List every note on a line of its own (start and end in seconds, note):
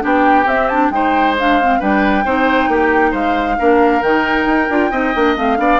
0.00 0.45 B3
0.00 0.44 D4
0.00 0.92 G4
0.00 0.48 G5
0.45 0.90 C4
0.45 0.72 C4
0.45 0.68 E5
0.68 0.92 D4
0.68 0.90 A5
0.90 1.79 G#3
0.90 1.36 D#4
0.90 1.79 C5
0.90 1.36 G5
1.39 1.61 D4
1.39 1.81 F5
1.61 1.80 C4
1.79 2.25 G3
1.79 2.25 D4
1.79 2.24 B4
1.79 3.14 G5
2.25 2.68 C4
2.25 3.59 D#4
2.25 2.69 C5
2.68 3.12 A#3
2.68 3.11 G4
3.11 3.58 G#3
3.11 3.55 C5
3.11 4.02 F5
3.59 4.02 A#3
3.59 4.02 D4
3.59 4.91 A#4
4.02 4.46 D#3
4.02 4.69 D#4
4.02 5.36 G5
4.46 4.68 D#4
4.70 4.91 D4
4.70 4.92 F4
4.91 5.14 C4
4.91 5.14 D#4
4.91 5.58 D#5
5.14 5.36 A#3
5.14 5.36 D4
5.36 5.59 A3
5.36 5.57 C4
5.36 5.80 F5
5.57 5.80 B3
5.57 5.79 D4
5.57 5.80 D5